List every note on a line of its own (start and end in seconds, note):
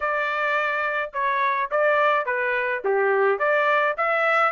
0.00 1.11 D5
1.13 1.70 C#5
1.70 2.25 D5
2.25 2.82 B4
2.84 3.38 G4
3.38 3.95 D5
3.97 4.52 E5